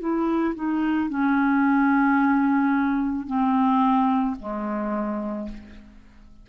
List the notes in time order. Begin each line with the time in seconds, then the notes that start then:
0.00 E4
0.56 D#4
1.10 C#4
3.27 C4
4.40 G#3